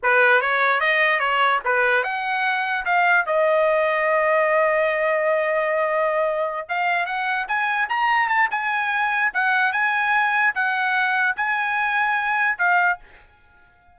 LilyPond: \new Staff \with { instrumentName = "trumpet" } { \time 4/4 \tempo 4 = 148 b'4 cis''4 dis''4 cis''4 | b'4 fis''2 f''4 | dis''1~ | dis''1~ |
dis''8 f''4 fis''4 gis''4 ais''8~ | ais''8 a''8 gis''2 fis''4 | gis''2 fis''2 | gis''2. f''4 | }